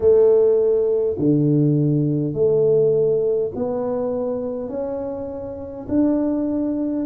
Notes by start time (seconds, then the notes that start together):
0.00 A3
1.18 D3
2.33 A3
3.55 B3
4.68 C#4
5.88 D4